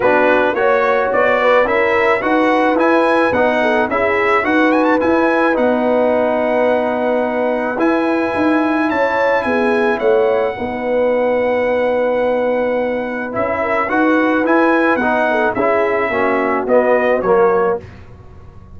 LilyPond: <<
  \new Staff \with { instrumentName = "trumpet" } { \time 4/4 \tempo 4 = 108 b'4 cis''4 d''4 e''4 | fis''4 gis''4 fis''4 e''4 | fis''8 gis''16 a''16 gis''4 fis''2~ | fis''2 gis''2 |
a''4 gis''4 fis''2~ | fis''1 | e''4 fis''4 gis''4 fis''4 | e''2 dis''4 cis''4 | }
  \new Staff \with { instrumentName = "horn" } { \time 4/4 fis'4 cis''4. b'8 ais'4 | b'2~ b'8 a'8 gis'4 | b'1~ | b'1 |
cis''4 gis'4 cis''4 b'4~ | b'1~ | b'8 ais'8 b'2~ b'8 a'8 | gis'4 fis'2. | }
  \new Staff \with { instrumentName = "trombone" } { \time 4/4 d'4 fis'2 e'4 | fis'4 e'4 dis'4 e'4 | fis'4 e'4 dis'2~ | dis'2 e'2~ |
e'2. dis'4~ | dis'1 | e'4 fis'4 e'4 dis'4 | e'4 cis'4 b4 ais4 | }
  \new Staff \with { instrumentName = "tuba" } { \time 4/4 b4 ais4 b4 cis'4 | dis'4 e'4 b4 cis'4 | dis'4 e'4 b2~ | b2 e'4 dis'4 |
cis'4 b4 a4 b4~ | b1 | cis'4 dis'4 e'4 b4 | cis'4 ais4 b4 fis4 | }
>>